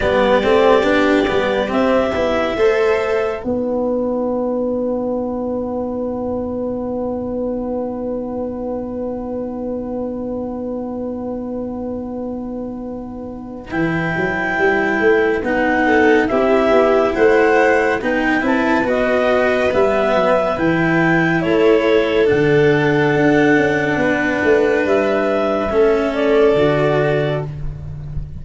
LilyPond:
<<
  \new Staff \with { instrumentName = "clarinet" } { \time 4/4 \tempo 4 = 70 d''2 e''2 | fis''1~ | fis''1~ | fis''1 |
g''2 fis''4 e''4 | fis''4 g''8 a''8 dis''4 e''4 | g''4 cis''4 fis''2~ | fis''4 e''4. d''4. | }
  \new Staff \with { instrumentName = "violin" } { \time 4/4 g'2. c''4 | b'1~ | b'1~ | b'1~ |
b'2~ b'8 a'8 g'4 | c''4 b'2.~ | b'4 a'2. | b'2 a'2 | }
  \new Staff \with { instrumentName = "cello" } { \time 4/4 b8 c'8 d'8 b8 c'8 e'8 a'4 | dis'1~ | dis'1~ | dis'1 |
e'2 dis'4 e'4~ | e'4 dis'8 e'8 fis'4 b4 | e'2 d'2~ | d'2 cis'4 fis'4 | }
  \new Staff \with { instrumentName = "tuba" } { \time 4/4 g8 a8 b8 g8 c'8 b8 a4 | b1~ | b1~ | b1 |
e8 fis8 g8 a8 b4 c'8 b8 | a4 b8 c'8 b4 g8 fis8 | e4 a4 d4 d'8 cis'8 | b8 a8 g4 a4 d4 | }
>>